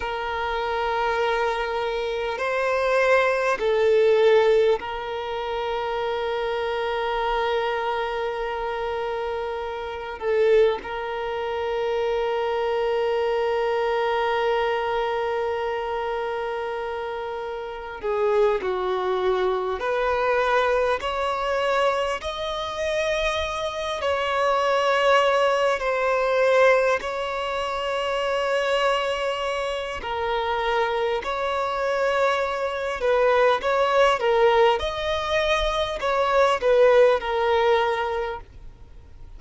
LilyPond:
\new Staff \with { instrumentName = "violin" } { \time 4/4 \tempo 4 = 50 ais'2 c''4 a'4 | ais'1~ | ais'8 a'8 ais'2.~ | ais'2. gis'8 fis'8~ |
fis'8 b'4 cis''4 dis''4. | cis''4. c''4 cis''4.~ | cis''4 ais'4 cis''4. b'8 | cis''8 ais'8 dis''4 cis''8 b'8 ais'4 | }